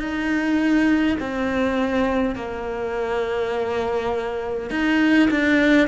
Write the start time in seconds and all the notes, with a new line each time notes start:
0.00 D#4
1.20 C4
2.36 A#3
4.71 D#4
5.31 D4